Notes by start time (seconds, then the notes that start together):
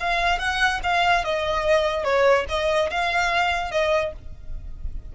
0.00 F5
0.39 F#5
0.83 F5
1.24 D#5
2.04 C#5
2.49 D#5
2.90 F5
3.71 D#5